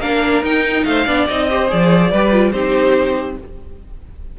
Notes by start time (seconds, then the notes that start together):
0.00 A#3 D4 A#4 F5
0.42 D#4 G5
0.85 A3 C5 F5
1.06 B3 D4 D5
1.28 C4 D#4 D#5
1.50 G4 C5
1.69 F3 G#4 D5
2.11 G3 G4 B4
2.32 F4
2.52 C4 D#4 G4 C5